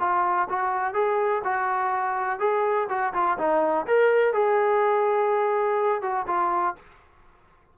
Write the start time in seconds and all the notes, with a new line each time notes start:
0.00 F4
0.49 F#4
0.94 G#4
1.45 F#4
2.40 G#4
2.89 F#4
3.13 F4
3.38 D#4
3.87 A#4
4.33 G#4
6.02 F#4
6.27 F4